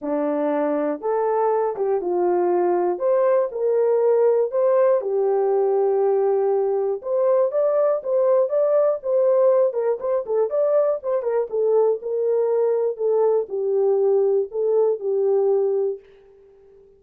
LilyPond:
\new Staff \with { instrumentName = "horn" } { \time 4/4 \tempo 4 = 120 d'2 a'4. g'8 | f'2 c''4 ais'4~ | ais'4 c''4 g'2~ | g'2 c''4 d''4 |
c''4 d''4 c''4. ais'8 | c''8 a'8 d''4 c''8 ais'8 a'4 | ais'2 a'4 g'4~ | g'4 a'4 g'2 | }